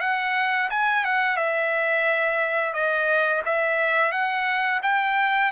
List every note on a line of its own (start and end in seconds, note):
0.00 0.69 F#5
0.70 1.04 G#5
1.05 1.36 F#5
1.36 2.73 E5
2.73 3.42 D#5
3.45 4.12 E5
4.12 4.81 F#5
4.82 5.51 G5